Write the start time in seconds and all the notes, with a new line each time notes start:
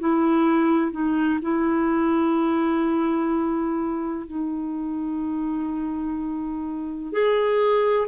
0.00 E4
0.92 D#4
1.42 E4
4.27 D#4
7.13 G#4